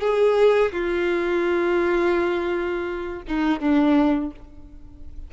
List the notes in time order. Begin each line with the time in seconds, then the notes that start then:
0.00 G#4
0.72 F4
3.27 D#4
3.59 D4